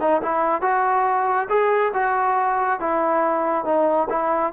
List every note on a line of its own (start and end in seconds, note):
0.00 0.22 D#4
0.22 0.62 E4
0.62 1.48 F#4
1.49 1.92 G#4
1.94 2.80 F#4
2.80 3.65 E4
3.65 4.08 D#4
4.10 4.53 E4